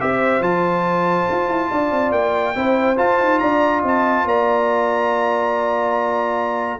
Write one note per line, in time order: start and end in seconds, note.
0.00 0.40 C4
0.00 0.42 G4
0.00 1.71 C5
0.00 0.42 E5
0.40 1.25 F3
0.40 2.55 F4
0.40 2.12 A5
1.30 1.48 F4
1.48 1.69 E4
1.71 1.91 D4
1.71 2.55 D5
1.91 2.11 C4
2.11 2.54 A#3
2.11 2.97 G5
2.55 2.98 C4
2.55 2.97 E4
2.55 3.40 C5
2.97 6.80 F4
2.97 3.19 F4
2.97 3.39 A5
3.19 3.41 D#4
3.39 3.83 D4
3.39 3.81 D5
3.39 3.81 A#5
3.81 4.24 C4
3.81 4.23 D#5
3.87 4.28 A5
4.24 6.79 A#3
4.24 6.80 D5
4.24 6.80 A#5